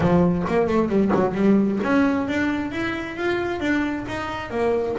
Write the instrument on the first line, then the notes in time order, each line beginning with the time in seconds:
double bass
0.00 F3
0.47 A#3
0.67 A3
0.88 G3
1.14 F#3
1.34 G3
1.83 C#4
2.27 D4
2.71 E4
3.16 F4
3.59 D4
4.08 D#4
4.50 A#3